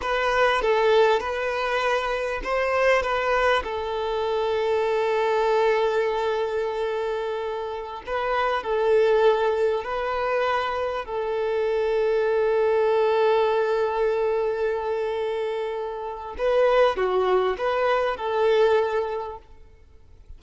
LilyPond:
\new Staff \with { instrumentName = "violin" } { \time 4/4 \tempo 4 = 99 b'4 a'4 b'2 | c''4 b'4 a'2~ | a'1~ | a'4~ a'16 b'4 a'4.~ a'16~ |
a'16 b'2 a'4.~ a'16~ | a'1~ | a'2. b'4 | fis'4 b'4 a'2 | }